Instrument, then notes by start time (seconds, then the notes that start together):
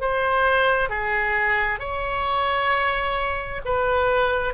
oboe
0.00 C5
0.89 G#4
1.79 C#5
3.64 B4